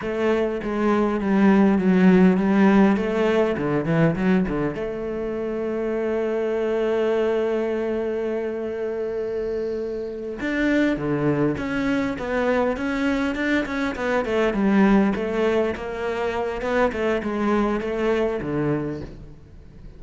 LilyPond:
\new Staff \with { instrumentName = "cello" } { \time 4/4 \tempo 4 = 101 a4 gis4 g4 fis4 | g4 a4 d8 e8 fis8 d8 | a1~ | a1~ |
a4. d'4 d4 cis'8~ | cis'8 b4 cis'4 d'8 cis'8 b8 | a8 g4 a4 ais4. | b8 a8 gis4 a4 d4 | }